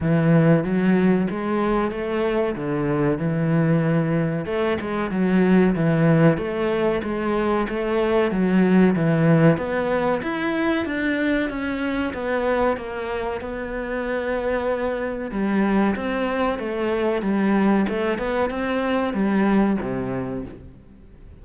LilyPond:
\new Staff \with { instrumentName = "cello" } { \time 4/4 \tempo 4 = 94 e4 fis4 gis4 a4 | d4 e2 a8 gis8 | fis4 e4 a4 gis4 | a4 fis4 e4 b4 |
e'4 d'4 cis'4 b4 | ais4 b2. | g4 c'4 a4 g4 | a8 b8 c'4 g4 c4 | }